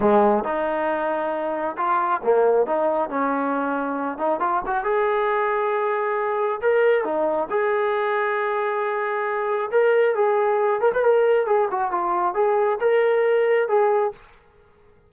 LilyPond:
\new Staff \with { instrumentName = "trombone" } { \time 4/4 \tempo 4 = 136 gis4 dis'2. | f'4 ais4 dis'4 cis'4~ | cis'4. dis'8 f'8 fis'8 gis'4~ | gis'2. ais'4 |
dis'4 gis'2.~ | gis'2 ais'4 gis'4~ | gis'8 ais'16 b'16 ais'4 gis'8 fis'8 f'4 | gis'4 ais'2 gis'4 | }